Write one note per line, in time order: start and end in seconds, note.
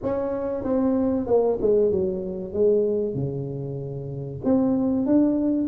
0.02 0.63 C#4
0.63 1.26 C4
1.26 1.58 A#3
1.61 1.91 G#3
1.91 2.53 F#3
2.53 3.14 G#3
3.14 4.40 C#3
4.44 5.06 C4
5.06 5.68 D4